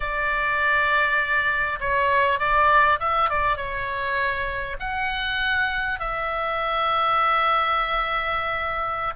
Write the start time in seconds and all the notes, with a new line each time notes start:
0.00 D5
1.79 C#5
2.39 D5
2.99 E5
3.29 D5
3.56 C#5
4.79 F#5
5.99 E5